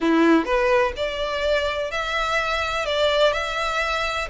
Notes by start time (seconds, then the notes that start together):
0.01 E4
0.45 B4
0.96 D5
1.91 E5
2.85 D5
3.32 E5